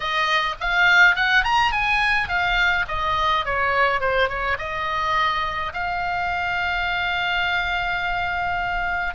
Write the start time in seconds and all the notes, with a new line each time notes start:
0.00 D#5
0.60 F5
1.15 F#5
1.43 A#5
1.71 G#5
2.28 F5
2.88 D#5
3.45 C#5
4.00 C5
4.28 C#5
4.58 D#5
5.73 F5